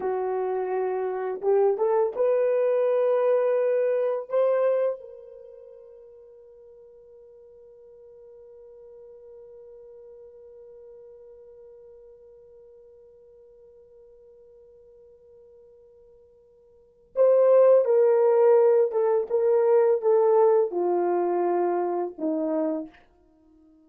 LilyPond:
\new Staff \with { instrumentName = "horn" } { \time 4/4 \tempo 4 = 84 fis'2 g'8 a'8 b'4~ | b'2 c''4 ais'4~ | ais'1~ | ais'1~ |
ais'1~ | ais'1 | c''4 ais'4. a'8 ais'4 | a'4 f'2 dis'4 | }